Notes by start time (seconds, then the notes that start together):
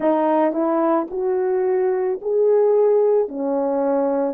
0.00 D#4
0.52 E4
1.10 F#4
2.21 G#4
3.28 C#4